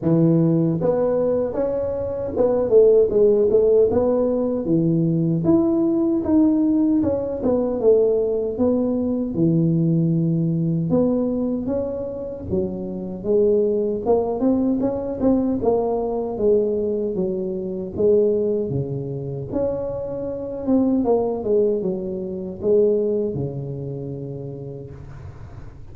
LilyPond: \new Staff \with { instrumentName = "tuba" } { \time 4/4 \tempo 4 = 77 e4 b4 cis'4 b8 a8 | gis8 a8 b4 e4 e'4 | dis'4 cis'8 b8 a4 b4 | e2 b4 cis'4 |
fis4 gis4 ais8 c'8 cis'8 c'8 | ais4 gis4 fis4 gis4 | cis4 cis'4. c'8 ais8 gis8 | fis4 gis4 cis2 | }